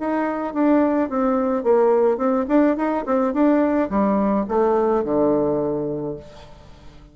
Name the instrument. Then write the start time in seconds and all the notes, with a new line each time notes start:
bassoon
0.00 D#4
0.54 D4
1.10 C4
1.64 A#3
2.18 C4
2.49 D4
2.77 D#4
3.06 C4
3.34 D4
3.90 G3
4.48 A3
5.04 D3